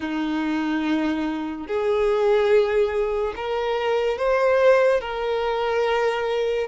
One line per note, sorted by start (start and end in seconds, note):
0.00 1.67 D#4
1.67 3.33 G#4
3.35 4.18 A#4
4.18 5.00 C5
5.00 6.67 A#4